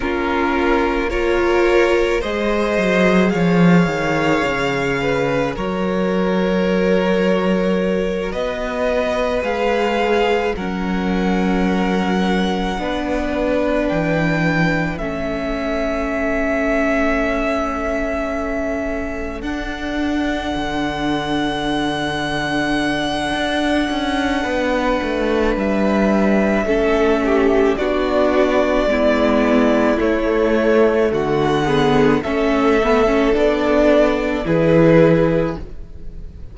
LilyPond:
<<
  \new Staff \with { instrumentName = "violin" } { \time 4/4 \tempo 4 = 54 ais'4 cis''4 dis''4 f''4~ | f''4 cis''2~ cis''8 dis''8~ | dis''8 f''4 fis''2~ fis''8~ | fis''8 g''4 e''2~ e''8~ |
e''4. fis''2~ fis''8~ | fis''2. e''4~ | e''4 d''2 cis''4 | fis''4 e''4 d''4 b'4 | }
  \new Staff \with { instrumentName = "violin" } { \time 4/4 f'4 ais'4 c''4 cis''4~ | cis''8 b'8 ais'2~ ais'8 b'8~ | b'4. ais'2 b'8~ | b'4. a'2~ a'8~ |
a'1~ | a'2 b'2 | a'8 g'8 fis'4 e'2 | fis'8 gis'8 a'2 gis'4 | }
  \new Staff \with { instrumentName = "viola" } { \time 4/4 cis'4 f'4 gis'2~ | gis'4 fis'2.~ | fis'8 gis'4 cis'2 d'8~ | d'4. cis'2~ cis'8~ |
cis'4. d'2~ d'8~ | d'1 | cis'4 d'4 b4 a4~ | a8 b8 cis'8 b16 cis'16 d'4 e'4 | }
  \new Staff \with { instrumentName = "cello" } { \time 4/4 ais2 gis8 fis8 f8 dis8 | cis4 fis2~ fis8 b8~ | b8 gis4 fis2 b8~ | b8 e4 a2~ a8~ |
a4. d'4 d4.~ | d4 d'8 cis'8 b8 a8 g4 | a4 b4 gis4 a4 | d4 a4 b4 e4 | }
>>